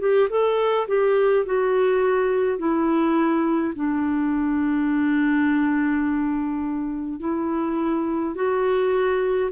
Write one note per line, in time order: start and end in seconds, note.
0.00 0.29 G4
0.30 0.88 A4
0.88 1.46 G4
1.46 2.59 F#4
2.59 3.74 E4
3.76 7.20 D4
7.20 8.35 E4
8.35 9.51 F#4